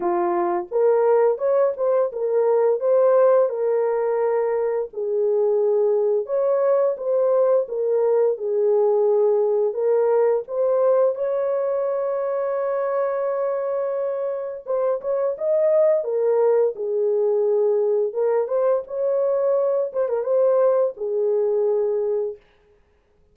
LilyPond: \new Staff \with { instrumentName = "horn" } { \time 4/4 \tempo 4 = 86 f'4 ais'4 cis''8 c''8 ais'4 | c''4 ais'2 gis'4~ | gis'4 cis''4 c''4 ais'4 | gis'2 ais'4 c''4 |
cis''1~ | cis''4 c''8 cis''8 dis''4 ais'4 | gis'2 ais'8 c''8 cis''4~ | cis''8 c''16 ais'16 c''4 gis'2 | }